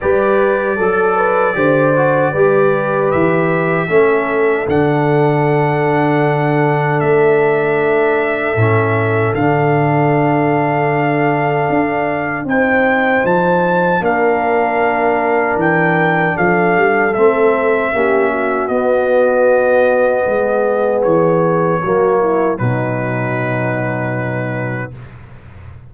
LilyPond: <<
  \new Staff \with { instrumentName = "trumpet" } { \time 4/4 \tempo 4 = 77 d''1 | e''2 fis''2~ | fis''4 e''2. | f''1 |
g''4 a''4 f''2 | g''4 f''4 e''2 | dis''2. cis''4~ | cis''4 b'2. | }
  \new Staff \with { instrumentName = "horn" } { \time 4/4 b'4 a'8 b'8 c''4 b'4~ | b'4 a'2.~ | a'1~ | a'1 |
c''2 ais'2~ | ais'4 a'2 g'8 fis'8~ | fis'2 gis'2 | fis'8 e'8 dis'2. | }
  \new Staff \with { instrumentName = "trombone" } { \time 4/4 g'4 a'4 g'8 fis'8 g'4~ | g'4 cis'4 d'2~ | d'2. cis'4 | d'1 |
dis'2 d'2~ | d'2 c'4 cis'4 | b1 | ais4 fis2. | }
  \new Staff \with { instrumentName = "tuba" } { \time 4/4 g4 fis4 d4 g4 | e4 a4 d2~ | d4 a2 a,4 | d2. d'4 |
c'4 f4 ais2 | e4 f8 g8 a4 ais4 | b2 gis4 e4 | fis4 b,2. | }
>>